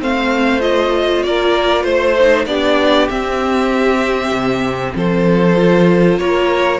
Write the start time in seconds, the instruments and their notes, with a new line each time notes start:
0.00 cello A3, viola C4, violin C5 F5
0.60 viola F4, violin D#5
1.22 cello A#3, violin A#4 D5
1.83 cello A3, violin C5
2.19 viola D#4
2.45 cello B3, viola D4, violin G4 D5
3.08 viola C4, cello C4, violin E5
4.31 cello C3
4.95 cello F3, violin A4 C5
5.56 viola F4
6.18 cello A#3, violin A#4 C#5